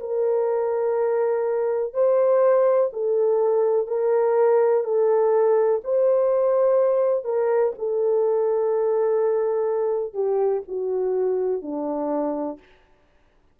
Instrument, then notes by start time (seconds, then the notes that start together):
horn
0.00 A#4
1.94 C5
2.93 A4
3.87 A#4
4.84 A4
5.84 C5
7.24 A#4
7.78 A4
10.13 G4
10.68 F#4
11.62 D4